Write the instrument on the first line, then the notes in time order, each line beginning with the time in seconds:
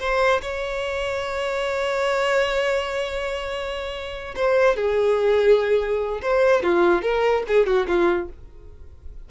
violin
0.00 C5
0.42 C#5
4.36 C5
4.76 G#4
6.22 C5
6.63 F4
7.02 A#4
7.48 G#4
7.66 F#4
7.88 F4